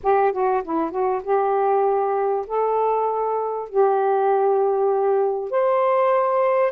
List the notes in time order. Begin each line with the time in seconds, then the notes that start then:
0.03 G4
0.32 F#4
0.63 E4
0.90 F#4
1.23 G4
2.46 A4
3.69 G4
5.50 C5